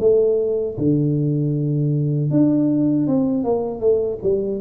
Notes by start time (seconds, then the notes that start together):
0.00 A3
0.78 D3
2.31 D4
3.07 C4
3.44 A#3
3.80 A3
4.23 G3